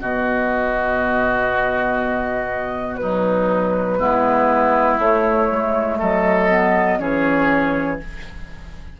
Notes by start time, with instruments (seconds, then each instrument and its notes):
0.00 bassoon B2, clarinet B3, oboe F#4, flute D#5
2.96 clarinet F#3, oboe D#4, flute B4
3.98 bassoon G#3, clarinet B3, oboe E4
4.99 bassoon A3, clarinet A3, flute C#5
5.50 bassoon G#3
5.98 bassoon F#3, oboe A4, flute D#5
6.49 clarinet B3
6.98 bassoon E3, clarinet C#4, oboe G#4, flute C#5